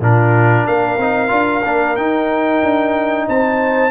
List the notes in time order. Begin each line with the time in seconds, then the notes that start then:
0.00 A#2 D4 F4 A#4
0.65 A#3 A#4 F5
0.97 C4 D#4
1.28 D4 F4
1.64 A#3 D4
1.96 D#4 G5
2.62 D4
3.28 C4 C5 A5